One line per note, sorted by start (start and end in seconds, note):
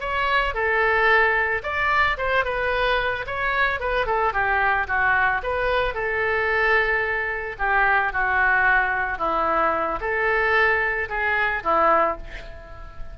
0.00 0.54 C#5
0.54 1.62 A4
1.63 2.17 D5
2.17 2.44 C5
2.44 3.25 B4
3.26 3.80 C#5
3.80 4.06 B4
4.06 4.33 A4
4.33 4.87 G4
4.87 5.41 F#4
5.43 5.94 B4
5.94 7.56 A4
7.58 8.13 G4
8.13 9.18 F#4
9.18 9.99 E4
10.00 11.08 A4
11.09 11.63 G#4
11.63 12.17 E4